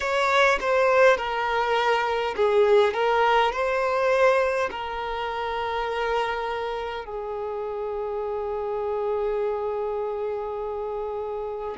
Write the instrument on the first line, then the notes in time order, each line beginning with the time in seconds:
violin
0.00 C#5
0.60 C5
1.17 A#4
2.35 G#4
2.93 A#4
3.52 C5
4.71 A#4
7.05 G#4